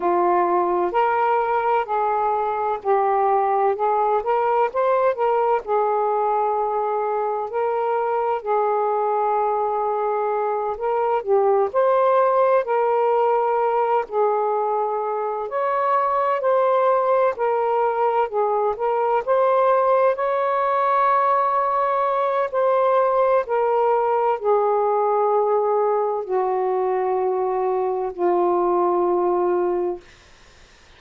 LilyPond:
\new Staff \with { instrumentName = "saxophone" } { \time 4/4 \tempo 4 = 64 f'4 ais'4 gis'4 g'4 | gis'8 ais'8 c''8 ais'8 gis'2 | ais'4 gis'2~ gis'8 ais'8 | g'8 c''4 ais'4. gis'4~ |
gis'8 cis''4 c''4 ais'4 gis'8 | ais'8 c''4 cis''2~ cis''8 | c''4 ais'4 gis'2 | fis'2 f'2 | }